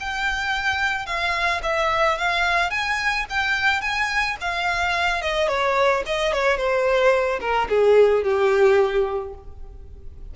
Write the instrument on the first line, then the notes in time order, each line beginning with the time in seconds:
violin
0.00 G5
1.06 F5
1.63 E5
2.18 F5
2.70 G#5
3.30 G5
3.81 G#5
4.41 F5
5.21 D#5
5.48 C#5
6.06 D#5
6.33 C#5
6.57 C5
7.40 A#4
7.69 G#4
8.24 G4